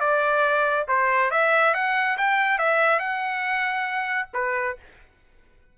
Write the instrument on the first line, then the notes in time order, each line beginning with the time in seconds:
trumpet
0.00 D5
0.88 C5
1.31 E5
1.74 F#5
2.18 G5
2.58 E5
2.99 F#5
4.34 B4